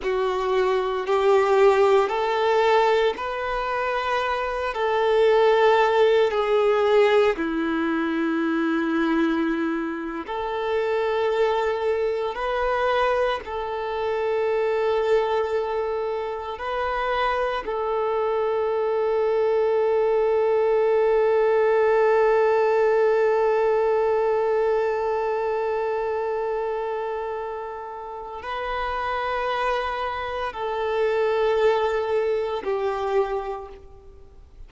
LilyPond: \new Staff \with { instrumentName = "violin" } { \time 4/4 \tempo 4 = 57 fis'4 g'4 a'4 b'4~ | b'8 a'4. gis'4 e'4~ | e'4.~ e'16 a'2 b'16~ | b'8. a'2. b'16~ |
b'8. a'2.~ a'16~ | a'1~ | a'2. b'4~ | b'4 a'2 g'4 | }